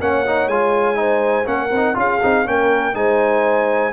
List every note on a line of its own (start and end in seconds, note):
0.00 0.47 A#3
0.00 0.25 C#4
0.00 0.98 C#5
0.00 0.48 F#5
0.26 0.50 D#4
0.47 1.45 G#3
0.47 0.94 F4
0.47 1.46 G#5
0.94 1.44 D#4
0.94 1.48 C5
1.44 1.71 A#3
1.44 1.69 C#4
1.44 1.97 A#4
1.44 1.96 F#5
1.71 1.95 C4
1.71 1.94 D#4
1.94 2.21 C#4
1.94 2.19 F4
1.94 2.47 G#4
1.94 2.47 F5
2.23 2.46 C4
2.23 2.45 D#4
2.45 2.94 A#3
2.45 2.94 C#4
2.45 2.95 A#4
2.45 2.95 G5
2.94 3.92 G#3
2.94 3.92 D#4
2.94 3.93 C5
2.94 3.93 G#5